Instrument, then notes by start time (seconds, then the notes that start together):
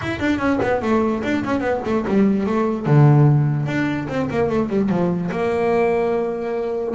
double bass
0.01 E4
0.19 D4
0.38 C#4
0.62 B3
0.82 A3
1.23 D4
1.44 C#4
1.60 B3
1.85 A3
2.07 G3
2.46 A3
2.86 D3
3.66 D4
4.08 C4
4.30 A#3
4.49 A3
4.69 G3
4.89 F3
5.31 A#3